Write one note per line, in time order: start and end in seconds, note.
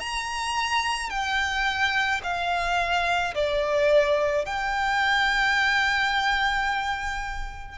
0.00 1.10 A#5
1.10 2.21 G5
2.23 3.34 F5
3.35 4.45 D5
4.45 7.78 G5